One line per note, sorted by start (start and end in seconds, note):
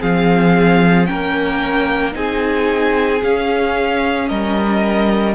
0.00 1.10 F3
0.00 1.07 C4
0.00 1.08 G#4
0.00 1.06 F5
1.06 2.15 A#3
1.06 2.12 C#4
1.06 2.16 A#4
1.06 2.14 G5
2.12 3.23 C4
2.12 3.20 D#4
2.12 4.29 G#4
2.12 3.23 G#5
3.23 5.36 C#4
3.23 4.31 C#4
3.23 4.29 F5
4.29 5.36 G3
4.29 5.36 A#4
4.29 5.36 D#5